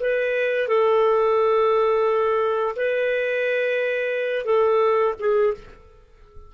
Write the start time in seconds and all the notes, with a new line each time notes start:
0.00 B4
0.68 A4
2.76 B4
4.45 A4
5.19 G#4